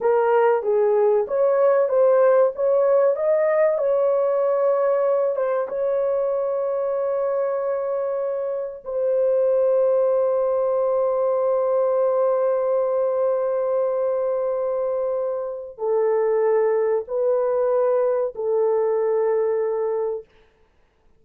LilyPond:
\new Staff \with { instrumentName = "horn" } { \time 4/4 \tempo 4 = 95 ais'4 gis'4 cis''4 c''4 | cis''4 dis''4 cis''2~ | cis''8 c''8 cis''2.~ | cis''2 c''2~ |
c''1~ | c''1~ | c''4 a'2 b'4~ | b'4 a'2. | }